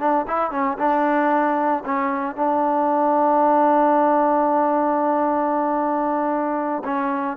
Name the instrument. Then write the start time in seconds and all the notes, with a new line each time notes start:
trombone
0.00 D4
0.28 E4
0.52 C#4
0.78 D4
1.85 C#4
2.36 D4
6.85 C#4